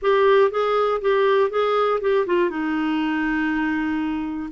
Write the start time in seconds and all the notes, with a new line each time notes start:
0.01 G4
0.50 G#4
1.01 G4
1.50 G#4
2.00 G4
2.26 F4
2.50 D#4